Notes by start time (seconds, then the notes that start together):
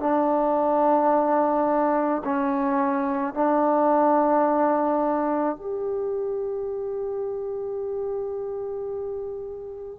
0.00 D4
2.24 C#4
3.34 D4
5.56 G4